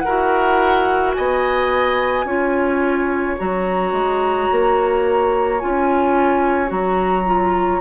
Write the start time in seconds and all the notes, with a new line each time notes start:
0.00 A#4 F#5
0.06 E4 F#4
1.15 B3 D#5 G#5
2.25 C#4 F4 C#5
3.39 F#3 F#4 A#5
3.93 G#3
4.52 A#3
5.59 C#4 F4 G#5
6.67 F#3 F#4 A#5
7.26 F4